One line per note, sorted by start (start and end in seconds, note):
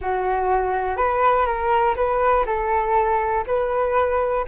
0.01 0.96 F#4
0.96 1.46 B4
1.46 1.95 A#4
1.95 2.45 B4
2.46 3.44 A4
3.46 4.45 B4